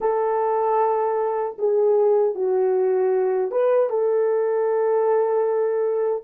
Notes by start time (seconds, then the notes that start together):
0.00 A4
1.58 G#4
2.34 F#4
3.51 B4
3.89 A4